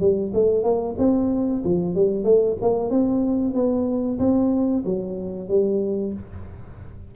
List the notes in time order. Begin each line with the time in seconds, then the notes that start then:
0.00 G3
0.33 A3
0.63 A#3
0.98 C4
1.64 F3
1.95 G3
2.24 A3
2.61 A#3
2.90 C4
3.54 B3
4.19 C4
4.85 F#3
5.48 G3